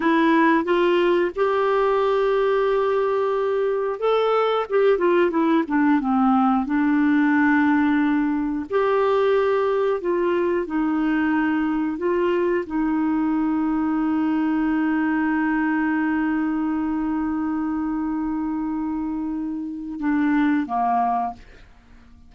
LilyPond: \new Staff \with { instrumentName = "clarinet" } { \time 4/4 \tempo 4 = 90 e'4 f'4 g'2~ | g'2 a'4 g'8 f'8 | e'8 d'8 c'4 d'2~ | d'4 g'2 f'4 |
dis'2 f'4 dis'4~ | dis'1~ | dis'1~ | dis'2 d'4 ais4 | }